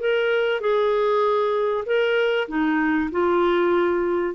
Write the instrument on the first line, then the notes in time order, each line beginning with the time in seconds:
clarinet
0.00 A#4
0.61 G#4
1.86 A#4
2.49 D#4
3.12 F4